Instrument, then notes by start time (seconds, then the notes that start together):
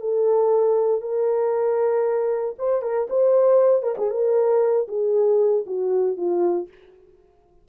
horn
0.00 A4
1.01 A#4
2.58 C5
2.82 A#4
3.09 C5
3.82 A#4
3.97 G#4
4.10 A#4
4.88 G#4
5.66 F#4
6.17 F4